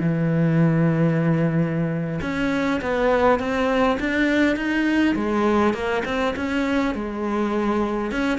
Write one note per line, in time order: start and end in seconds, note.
0.00 2.21 E3
2.22 2.80 C#4
2.82 3.40 B3
3.40 3.98 C4
4.00 4.56 D4
4.56 5.15 D#4
5.16 5.74 G#3
5.74 6.03 A#3
6.05 6.34 C4
6.36 6.95 C#4
6.95 8.11 G#3
8.11 8.39 C#4